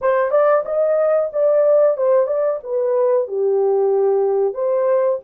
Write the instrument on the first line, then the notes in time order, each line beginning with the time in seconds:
horn
0.01 C5
0.31 D5
0.65 D#5
1.32 D5
1.97 C5
2.26 D5
2.63 B4
3.27 G4
4.54 C5